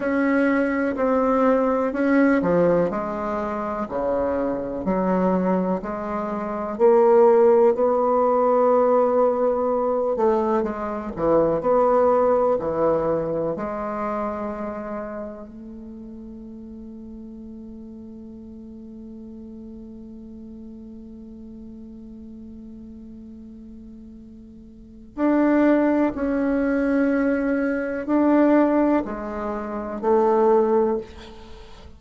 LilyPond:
\new Staff \with { instrumentName = "bassoon" } { \time 4/4 \tempo 4 = 62 cis'4 c'4 cis'8 f8 gis4 | cis4 fis4 gis4 ais4 | b2~ b8 a8 gis8 e8 | b4 e4 gis2 |
a1~ | a1~ | a2 d'4 cis'4~ | cis'4 d'4 gis4 a4 | }